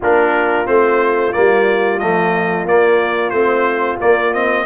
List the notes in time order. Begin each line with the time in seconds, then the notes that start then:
0.00 A#3 D4 F4 A#4
0.65 A3 C4 C5
1.32 G3 A#3 D5
1.99 F3 A3 D#5
2.64 A#3 D5
3.30 A3 C4 C5
3.99 A#3 D5
4.32 C4 D#5